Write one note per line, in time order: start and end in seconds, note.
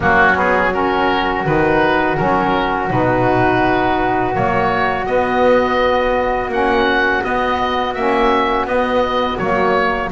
0.00 1.45 F#3
0.00 0.34 A#3
0.00 0.71 C#4
0.00 0.37 F#4
0.34 0.70 B3
0.34 0.73 G#4
0.72 1.45 C#4
0.72 10.11 F#4
0.72 1.45 A#4
1.45 2.18 D#3
1.45 2.16 D#4
1.45 2.17 B4
2.16 2.90 F#3
2.16 2.88 C#4
2.16 2.89 A#4
2.89 4.35 B2
2.89 4.31 D#4
2.89 4.35 B4
4.31 5.06 F#3
4.31 5.04 A#3
4.31 5.06 C#5
5.06 6.50 B3
5.06 6.48 B3
5.06 6.50 D#5
6.48 7.20 A#3
6.48 7.22 C#4
6.48 7.24 F#5
7.22 7.94 B3
7.22 7.95 B3
7.22 7.94 D#5
7.94 8.65 A#3
7.94 8.67 C#4
7.94 8.66 E5
8.65 9.37 B3
8.65 9.39 B3
8.65 9.37 D#5
9.37 10.11 F#3
9.37 10.11 A#3
9.37 10.10 C#5